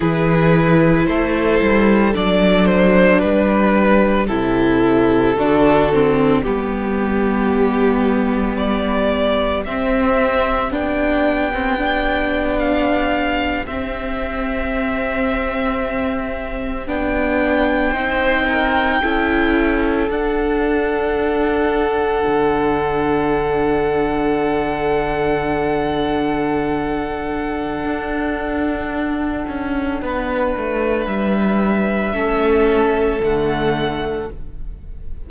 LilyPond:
<<
  \new Staff \with { instrumentName = "violin" } { \time 4/4 \tempo 4 = 56 b'4 c''4 d''8 c''8 b'4 | a'2 g'2 | d''4 e''4 g''4.~ g''16 f''16~ | f''8. e''2. g''16~ |
g''2~ g''8. fis''4~ fis''16~ | fis''1~ | fis''1~ | fis''4 e''2 fis''4 | }
  \new Staff \with { instrumentName = "violin" } { \time 4/4 gis'4 a'2 g'4~ | g'4 fis'4 g'2~ | g'1~ | g'1~ |
g'8. c''8 ais'8 a'2~ a'16~ | a'1~ | a'1 | b'2 a'2 | }
  \new Staff \with { instrumentName = "viola" } { \time 4/4 e'2 d'2 | e'4 d'8 c'8 b2~ | b4 c'4 d'8. c'16 d'4~ | d'8. c'2. d'16~ |
d'8. dis'4 e'4 d'4~ d'16~ | d'1~ | d'1~ | d'2 cis'4 a4 | }
  \new Staff \with { instrumentName = "cello" } { \time 4/4 e4 a8 g8 fis4 g4 | c4 d4 g2~ | g4 c'4 b2~ | b8. c'2. b16~ |
b8. c'4 cis'4 d'4~ d'16~ | d'8. d2.~ d16~ | d2 d'4. cis'8 | b8 a8 g4 a4 d4 | }
>>